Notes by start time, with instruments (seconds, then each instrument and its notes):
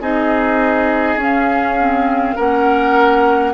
0.00 bassoon C4, clarinet D#4, oboe G#4, flute D#5
1.16 bassoon C#4, clarinet C#4, flute F5
1.79 clarinet C4
2.35 bassoon A#3, clarinet C#4, oboe A#4, flute F#5